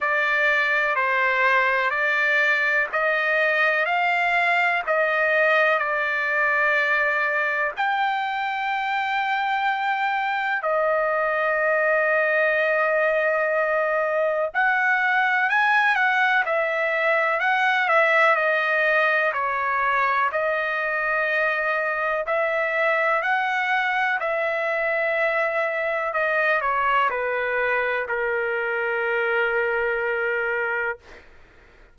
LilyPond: \new Staff \with { instrumentName = "trumpet" } { \time 4/4 \tempo 4 = 62 d''4 c''4 d''4 dis''4 | f''4 dis''4 d''2 | g''2. dis''4~ | dis''2. fis''4 |
gis''8 fis''8 e''4 fis''8 e''8 dis''4 | cis''4 dis''2 e''4 | fis''4 e''2 dis''8 cis''8 | b'4 ais'2. | }